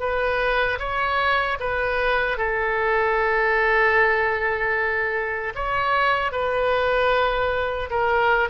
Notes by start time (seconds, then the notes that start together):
0.00 B4
0.79 C#5
1.60 B4
2.38 A4
5.55 C#5
6.32 B4
7.91 A#4